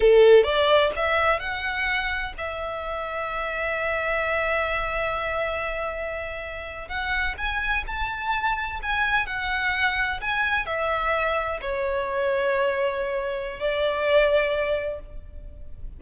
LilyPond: \new Staff \with { instrumentName = "violin" } { \time 4/4 \tempo 4 = 128 a'4 d''4 e''4 fis''4~ | fis''4 e''2.~ | e''1~ | e''2~ e''8. fis''4 gis''16~ |
gis''8. a''2 gis''4 fis''16~ | fis''4.~ fis''16 gis''4 e''4~ e''16~ | e''8. cis''2.~ cis''16~ | cis''4 d''2. | }